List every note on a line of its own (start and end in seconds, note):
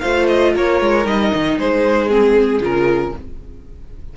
0.00 0.55 A3
0.00 1.05 F4
0.00 0.53 C5
0.00 0.26 F5
0.28 0.54 D#5
0.54 0.81 A#3
0.54 1.58 A#4
0.54 1.07 C#5
0.81 1.06 G#3
1.05 1.32 G3
1.05 2.09 D#4
1.05 1.59 D#5
1.34 1.58 D#3
1.58 2.61 G#3
1.58 3.14 G#4
1.58 2.08 C5
2.08 2.61 C4
2.08 2.60 G#4
2.61 3.13 C#3
2.61 3.13 F4
2.61 3.17 A#4